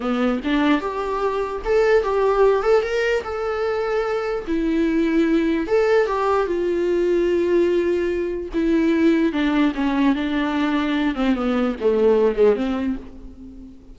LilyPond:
\new Staff \with { instrumentName = "viola" } { \time 4/4 \tempo 4 = 148 b4 d'4 g'2 | a'4 g'4. a'8 ais'4 | a'2. e'4~ | e'2 a'4 g'4 |
f'1~ | f'4 e'2 d'4 | cis'4 d'2~ d'8 c'8 | b4 a4. gis8 c'4 | }